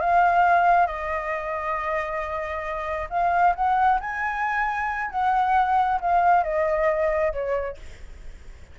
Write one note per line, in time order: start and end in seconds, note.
0.00 0.86 F5
0.86 3.08 D#5
3.09 3.54 F5
3.55 3.99 F#5
4.00 5.10 G#5
5.10 5.99 F#5
6.00 6.43 F5
6.43 7.32 D#5
7.32 7.77 C#5